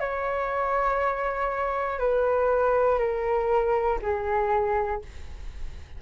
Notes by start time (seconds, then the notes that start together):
0.00 C#5
1.99 B4
2.99 A#4
4.02 G#4